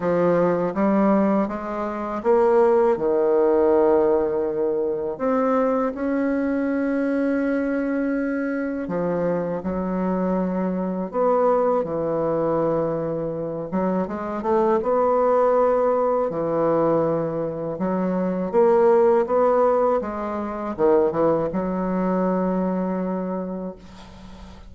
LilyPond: \new Staff \with { instrumentName = "bassoon" } { \time 4/4 \tempo 4 = 81 f4 g4 gis4 ais4 | dis2. c'4 | cis'1 | f4 fis2 b4 |
e2~ e8 fis8 gis8 a8 | b2 e2 | fis4 ais4 b4 gis4 | dis8 e8 fis2. | }